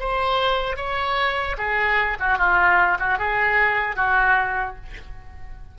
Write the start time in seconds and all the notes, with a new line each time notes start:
0.00 C5
0.77 C#5
1.58 G#4
2.20 F#4
2.39 F4
2.99 F#4
3.19 G#4
3.97 F#4